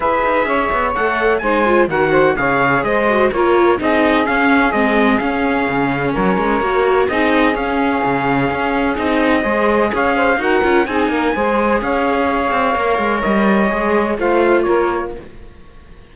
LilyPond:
<<
  \new Staff \with { instrumentName = "trumpet" } { \time 4/4 \tempo 4 = 127 e''2 fis''4 gis''4 | fis''4 f''4 dis''4 cis''4 | dis''4 f''4 dis''4 f''4~ | f''4 cis''2 dis''4 |
f''2. dis''4~ | dis''4 f''4 fis''4 gis''4~ | gis''4 f''2. | dis''2 f''4 cis''4 | }
  \new Staff \with { instrumentName = "saxophone" } { \time 4/4 b'4 cis''2 c''4 | ais'8 c''8 cis''4 c''4 ais'4 | gis'1~ | gis'4 ais'2 gis'4~ |
gis'1 | c''4 cis''8 c''8 ais'4 gis'8 ais'8 | c''4 cis''2.~ | cis''2 c''4 ais'4 | }
  \new Staff \with { instrumentName = "viola" } { \time 4/4 gis'2 a'4 dis'8 f'8 | fis'4 gis'4. fis'8 f'4 | dis'4 cis'4 c'4 cis'4~ | cis'2 fis'4 dis'4 |
cis'2. dis'4 | gis'2 fis'8 f'8 dis'4 | gis'2. ais'4~ | ais'4 gis'4 f'2 | }
  \new Staff \with { instrumentName = "cello" } { \time 4/4 e'8 dis'8 cis'8 b8 a4 gis4 | dis4 cis4 gis4 ais4 | c'4 cis'4 gis4 cis'4 | cis4 fis8 gis8 ais4 c'4 |
cis'4 cis4 cis'4 c'4 | gis4 cis'4 dis'8 cis'8 c'8 ais8 | gis4 cis'4. c'8 ais8 gis8 | g4 gis4 a4 ais4 | }
>>